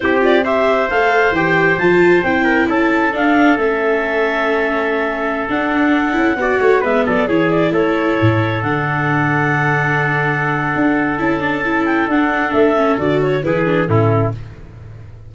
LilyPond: <<
  \new Staff \with { instrumentName = "clarinet" } { \time 4/4 \tempo 4 = 134 c''8 d''8 e''4 f''4 g''4 | a''4 g''4 a''4 f''4 | e''1~ | e''16 fis''2. e''8 d''16~ |
d''16 cis''8 d''8 cis''2 fis''8.~ | fis''1~ | fis''4 a''4. g''8 fis''4 | e''4 d''8 cis''8 b'4 a'4 | }
  \new Staff \with { instrumentName = "trumpet" } { \time 4/4 g'4 c''2.~ | c''4. ais'8 a'2~ | a'1~ | a'2~ a'16 d''8 cis''8 b'8 a'16~ |
a'16 gis'4 a'2~ a'8.~ | a'1~ | a'1~ | a'2 gis'4 e'4 | }
  \new Staff \with { instrumentName = "viola" } { \time 4/4 e'8 f'8 g'4 a'4 g'4 | f'4 e'2 d'4 | cis'1~ | cis'16 d'4. e'8 fis'4 b8.~ |
b16 e'2. d'8.~ | d'1~ | d'4 e'8 d'8 e'4 d'4~ | d'8 cis'8 fis'4 e'8 d'8 cis'4 | }
  \new Staff \with { instrumentName = "tuba" } { \time 4/4 c'2 a4 e4 | f4 c'4 cis'4 d'4 | a1~ | a16 d'4. cis'8 b8 a8 gis8 fis16~ |
fis16 e4 a4 a,4 d8.~ | d1 | d'4 cis'2 d'4 | a4 d4 e4 a,4 | }
>>